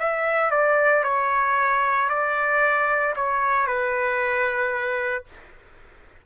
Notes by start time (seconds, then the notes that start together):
0.00 E5
0.52 D5
1.04 C#5
2.10 D5
3.17 C#5
3.67 B4